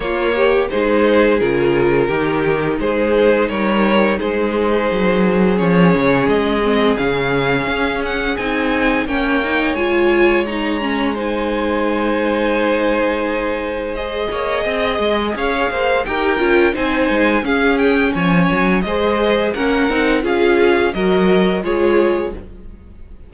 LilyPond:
<<
  \new Staff \with { instrumentName = "violin" } { \time 4/4 \tempo 4 = 86 cis''4 c''4 ais'2 | c''4 cis''4 c''2 | cis''4 dis''4 f''4. fis''8 | gis''4 g''4 gis''4 ais''4 |
gis''1 | dis''2 f''4 g''4 | gis''4 f''8 g''8 gis''4 dis''4 | fis''4 f''4 dis''4 cis''4 | }
  \new Staff \with { instrumentName = "violin" } { \time 4/4 f'8 g'8 gis'2 g'4 | gis'4 ais'4 gis'2~ | gis'1~ | gis'4 cis''2. |
c''1~ | c''8 cis''8 dis''4 cis''8 c''8 ais'4 | c''4 gis'4 cis''4 c''4 | ais'4 gis'4 ais'4 gis'4 | }
  \new Staff \with { instrumentName = "viola" } { \time 4/4 ais4 dis'4 f'4 dis'4~ | dis'1 | cis'4. c'8 cis'2 | dis'4 cis'8 dis'8 f'4 dis'8 cis'8 |
dis'1 | gis'2. g'8 f'8 | dis'4 cis'2 gis'4 | cis'8 dis'8 f'4 fis'4 f'4 | }
  \new Staff \with { instrumentName = "cello" } { \time 4/4 ais4 gis4 cis4 dis4 | gis4 g4 gis4 fis4 | f8 cis8 gis4 cis4 cis'4 | c'4 ais4 gis2~ |
gis1~ | gis8 ais8 c'8 gis8 cis'8 ais8 dis'8 cis'8 | c'8 gis8 cis'4 f8 fis8 gis4 | ais8 c'8 cis'4 fis4 gis4 | }
>>